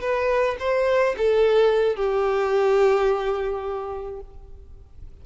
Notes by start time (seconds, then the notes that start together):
0.00 B4
0.59 C5
1.17 A4
1.96 G4